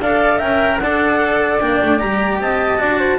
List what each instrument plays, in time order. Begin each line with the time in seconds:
0.00 double bass D4, cello A4, flute D5, clarinet F5
0.37 double bass C#4, cello A#4, flute E5, clarinet G5
0.79 double bass D4, cello A4, flute D5, clarinet F#5
1.60 double bass A#3, cello D4, clarinet G5
1.82 double bass A3
1.99 double bass G3, cello G4, clarinet A#5
2.40 double bass C4, flute D#5, clarinet A5
2.78 double bass D4, cello F#4, flute D5
2.98 flute C5